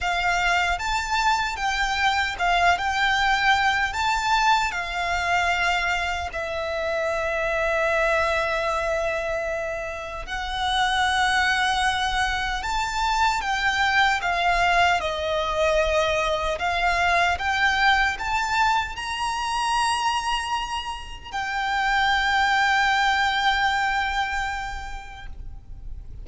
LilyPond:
\new Staff \with { instrumentName = "violin" } { \time 4/4 \tempo 4 = 76 f''4 a''4 g''4 f''8 g''8~ | g''4 a''4 f''2 | e''1~ | e''4 fis''2. |
a''4 g''4 f''4 dis''4~ | dis''4 f''4 g''4 a''4 | ais''2. g''4~ | g''1 | }